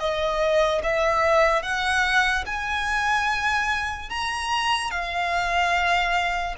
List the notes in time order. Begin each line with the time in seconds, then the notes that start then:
0.00 D#5
0.84 E5
1.63 F#5
2.47 G#5
4.10 A#5
4.91 F5